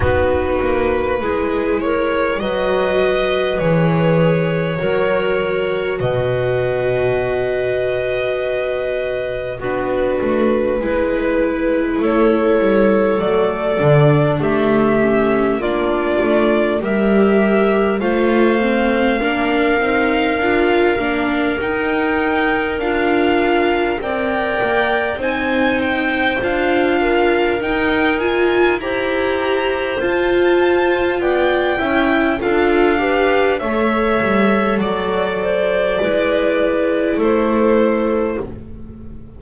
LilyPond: <<
  \new Staff \with { instrumentName = "violin" } { \time 4/4 \tempo 4 = 50 b'4. cis''8 dis''4 cis''4~ | cis''4 dis''2. | b'2 cis''4 d''4 | e''4 d''4 e''4 f''4~ |
f''2 g''4 f''4 | g''4 gis''8 g''8 f''4 g''8 gis''8 | ais''4 a''4 g''4 f''4 | e''4 d''2 c''4 | }
  \new Staff \with { instrumentName = "clarinet" } { \time 4/4 fis'4 gis'8 ais'8 b'2 | ais'4 b'2. | fis'4 b'4 a'2 | g'4 f'4 ais'4 c''4 |
ais'1 | d''4 c''4. ais'4. | c''2 d''8 e''8 a'8 b'8 | cis''4 d''8 c''8 b'4 a'4 | }
  \new Staff \with { instrumentName = "viola" } { \time 4/4 dis'4 e'4 fis'4 gis'4 | fis'1 | d'4 e'2 a8 d'8~ | d'8 cis'8 d'4 g'4 f'8 c'8 |
d'8 dis'8 f'8 d'8 dis'4 f'4 | ais'4 dis'4 f'4 dis'8 f'8 | g'4 f'4. e'8 f'8 g'8 | a'2 e'2 | }
  \new Staff \with { instrumentName = "double bass" } { \time 4/4 b8 ais8 gis4 fis4 e4 | fis4 b,2. | b8 a8 gis4 a8 g8 fis8 d8 | a4 ais8 a8 g4 a4 |
ais8 c'8 d'8 ais8 dis'4 d'4 | c'8 ais8 c'4 d'4 dis'4 | e'4 f'4 b8 cis'8 d'4 | a8 g8 fis4 gis4 a4 | }
>>